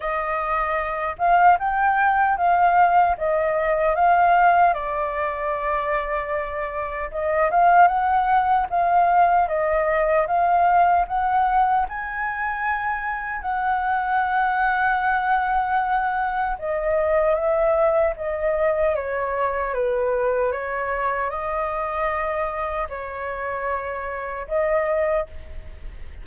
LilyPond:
\new Staff \with { instrumentName = "flute" } { \time 4/4 \tempo 4 = 76 dis''4. f''8 g''4 f''4 | dis''4 f''4 d''2~ | d''4 dis''8 f''8 fis''4 f''4 | dis''4 f''4 fis''4 gis''4~ |
gis''4 fis''2.~ | fis''4 dis''4 e''4 dis''4 | cis''4 b'4 cis''4 dis''4~ | dis''4 cis''2 dis''4 | }